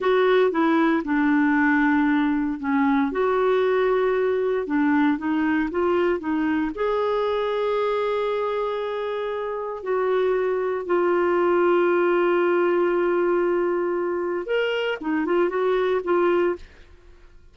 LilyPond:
\new Staff \with { instrumentName = "clarinet" } { \time 4/4 \tempo 4 = 116 fis'4 e'4 d'2~ | d'4 cis'4 fis'2~ | fis'4 d'4 dis'4 f'4 | dis'4 gis'2.~ |
gis'2. fis'4~ | fis'4 f'2.~ | f'1 | ais'4 dis'8 f'8 fis'4 f'4 | }